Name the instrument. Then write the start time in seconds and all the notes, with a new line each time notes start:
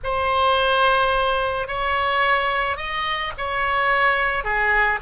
oboe
0.03 C5
1.67 C#5
2.76 D#5
3.37 C#5
4.43 G#4